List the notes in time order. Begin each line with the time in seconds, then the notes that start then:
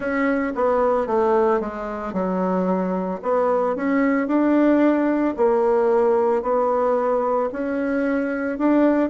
0.00 C#4
0.55 B3
1.06 A3
1.60 G#3
2.13 F#3
3.22 B3
3.75 C#4
4.27 D4
5.36 A#3
6.42 B3
7.52 C#4
8.58 D4